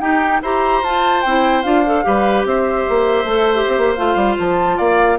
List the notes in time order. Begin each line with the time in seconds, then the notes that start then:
0.00 D#4 G4 G5
0.42 E4 G4 C5 A#5
0.82 F4 A5
1.22 C4 E4 G5
1.63 D4 F4 F5
1.87 A4
2.04 G3 G4 B4
2.45 C4 C5 E5
2.89 A#3
3.25 A3 A4
3.55 G4
3.68 C4
3.78 A#3
3.95 A3 F4 F5
4.16 G3
4.39 F3 A5
4.77 A#3 D5 F5